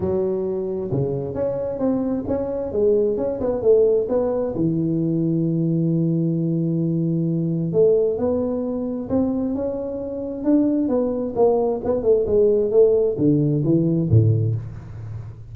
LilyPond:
\new Staff \with { instrumentName = "tuba" } { \time 4/4 \tempo 4 = 132 fis2 cis4 cis'4 | c'4 cis'4 gis4 cis'8 b8 | a4 b4 e2~ | e1~ |
e4 a4 b2 | c'4 cis'2 d'4 | b4 ais4 b8 a8 gis4 | a4 d4 e4 a,4 | }